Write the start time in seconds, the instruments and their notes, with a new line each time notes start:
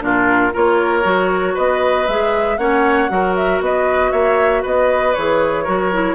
0.00 bassoon A#2, clarinet D4, oboe F4, flute A#4
0.53 bassoon A#3, clarinet F4, oboe A#4, flute C#5
1.03 bassoon F#3, clarinet F#4
1.54 bassoon B3, oboe B4, flute D#5
2.07 bassoon G#3, clarinet G#4, flute E5
2.57 bassoon A#3, clarinet C#4, oboe C#5, flute F#5
3.09 bassoon F#3, clarinet F#4, oboe A#4
3.35 flute E5
3.60 bassoon B3, oboe B4, flute D#5
4.11 bassoon A#3, oboe C#5, flute E5
4.62 bassoon B3, oboe B4, flute D#5
5.14 bassoon E3, clarinet G#4, flute C#5
5.63 bassoon F#3, clarinet F#4, oboe A#4
5.92 clarinet E4